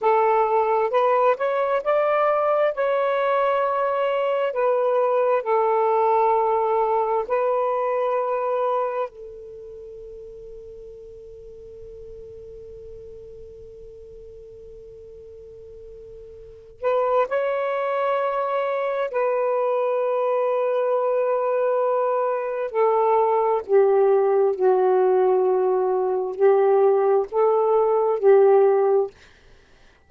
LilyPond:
\new Staff \with { instrumentName = "saxophone" } { \time 4/4 \tempo 4 = 66 a'4 b'8 cis''8 d''4 cis''4~ | cis''4 b'4 a'2 | b'2 a'2~ | a'1~ |
a'2~ a'8 b'8 cis''4~ | cis''4 b'2.~ | b'4 a'4 g'4 fis'4~ | fis'4 g'4 a'4 g'4 | }